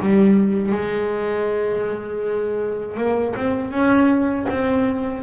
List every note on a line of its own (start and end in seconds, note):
0.00 0.72 G3
0.72 2.97 G#3
2.97 3.35 A#3
3.35 3.71 C4
3.71 4.46 C#4
4.49 5.23 C4